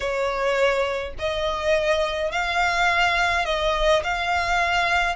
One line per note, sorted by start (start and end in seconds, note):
0.00 1.13 C#5
1.19 2.31 D#5
2.31 3.45 F5
3.45 4.02 D#5
4.03 5.15 F5